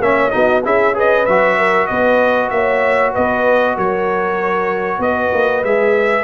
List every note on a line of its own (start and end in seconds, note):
0.00 0.31 A#3
0.00 0.31 C#4
0.00 0.34 C#5
0.00 0.31 E5
0.31 0.65 B3
0.31 0.62 D#4
0.31 0.65 F#4
0.31 0.62 D#5
0.65 1.28 C#4
0.65 0.94 E4
0.65 0.95 G#4
0.65 0.97 E5
0.94 1.26 G#4
0.94 1.58 B4
0.94 1.26 D#5
1.26 1.90 F#3
1.26 5.66 F#4
1.26 1.87 E5
1.58 1.89 A#4
1.87 2.51 B3
1.87 2.52 B4
1.87 2.50 D#5
2.50 3.14 A#3
2.50 3.12 C#5
2.50 3.13 E5
3.12 3.77 B3
3.12 3.75 B4
3.12 3.78 D#5
3.75 4.99 F#3
3.75 5.00 A#4
3.75 5.02 C#5
4.99 5.30 B3
4.99 6.24 B4
4.99 5.64 D#5
5.34 5.64 A#3
5.64 6.24 G#3
5.64 6.24 G#4
5.64 6.24 E5